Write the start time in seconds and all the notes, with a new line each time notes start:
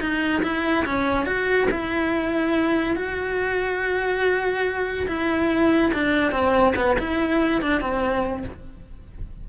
0.00 D#4
0.43 E4
0.85 C#4
1.26 F#4
1.71 E4
2.96 F#4
5.07 E4
5.93 D4
6.31 C4
6.76 B3
6.98 E4
7.62 D4
7.81 C4